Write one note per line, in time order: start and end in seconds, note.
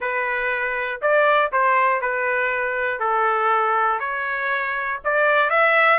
0.00 1.00 B4
1.01 1.51 D5
1.52 2.01 C5
2.01 2.99 B4
2.99 3.99 A4
3.99 4.99 C#5
5.04 5.50 D5
5.50 5.99 E5